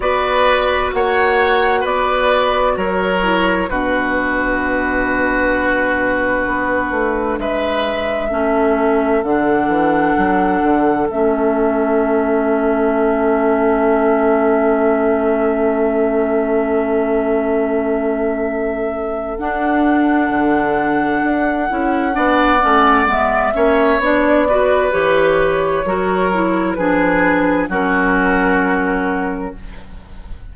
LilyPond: <<
  \new Staff \with { instrumentName = "flute" } { \time 4/4 \tempo 4 = 65 d''4 fis''4 d''4 cis''4 | b'1 | e''2 fis''2 | e''1~ |
e''1~ | e''4 fis''2.~ | fis''4 e''4 d''4 cis''4~ | cis''4 b'4 ais'2 | }
  \new Staff \with { instrumentName = "oboe" } { \time 4/4 b'4 cis''4 b'4 ais'4 | fis'1 | b'4 a'2.~ | a'1~ |
a'1~ | a'1 | d''4. cis''4 b'4. | ais'4 gis'4 fis'2 | }
  \new Staff \with { instrumentName = "clarinet" } { \time 4/4 fis'2.~ fis'8 e'8 | d'1~ | d'4 cis'4 d'2 | cis'1~ |
cis'1~ | cis'4 d'2~ d'8 e'8 | d'8 cis'8 b8 cis'8 d'8 fis'8 g'4 | fis'8 e'8 d'4 cis'2 | }
  \new Staff \with { instrumentName = "bassoon" } { \time 4/4 b4 ais4 b4 fis4 | b,2. b8 a8 | gis4 a4 d8 e8 fis8 d8 | a1~ |
a1~ | a4 d'4 d4 d'8 cis'8 | b8 a8 gis8 ais8 b4 e4 | fis4 f4 fis2 | }
>>